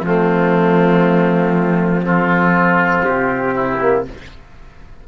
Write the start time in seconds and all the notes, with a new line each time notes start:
0.00 F3 A3 C4 F4
2.03 C4 F4 A4
3.03 C3 G4
3.54 E4
3.80 A#3